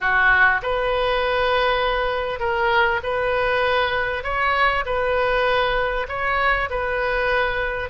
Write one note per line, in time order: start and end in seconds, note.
0.00 0.61 F#4
0.62 2.39 B4
2.39 3.00 A#4
3.03 4.23 B4
4.23 4.84 C#5
4.85 6.07 B4
6.08 6.69 C#5
6.69 7.89 B4